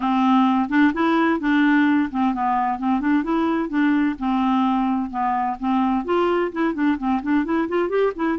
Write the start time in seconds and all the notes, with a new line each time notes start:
0.00 C4
0.69 D4
0.93 E4
1.40 D4
2.10 C4
2.34 B3
2.79 C4
3.00 D4
3.23 E4
3.69 D4
4.18 C4
5.10 B3
5.59 C4
6.05 F4
6.52 E4
6.74 D4
6.98 C4
7.22 D4
7.44 E4
7.68 F4
7.89 G4
8.15 E4